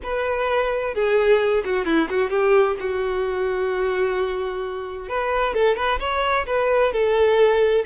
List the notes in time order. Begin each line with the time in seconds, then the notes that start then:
0.03 B4
0.94 G#4
1.64 F#4
1.85 E4
2.09 F#4
2.30 G4
2.79 F#4
5.09 B4
5.54 A4
5.76 B4
5.99 C#5
6.46 B4
6.92 A4